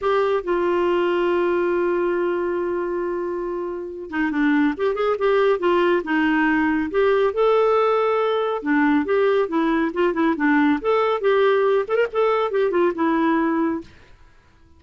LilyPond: \new Staff \with { instrumentName = "clarinet" } { \time 4/4 \tempo 4 = 139 g'4 f'2.~ | f'1~ | f'4. dis'8 d'4 g'8 gis'8 | g'4 f'4 dis'2 |
g'4 a'2. | d'4 g'4 e'4 f'8 e'8 | d'4 a'4 g'4. a'16 ais'16 | a'4 g'8 f'8 e'2 | }